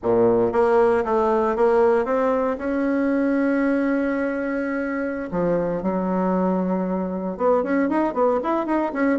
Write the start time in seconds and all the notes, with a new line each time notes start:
0.03 A#2
0.52 A#3
1.05 A3
1.56 A#3
2.05 C4
2.58 C#4
5.31 F3
5.82 F#3
7.37 B3
7.63 C#4
7.89 D#4
8.13 B3
8.43 E4
8.66 D#4
8.92 C#4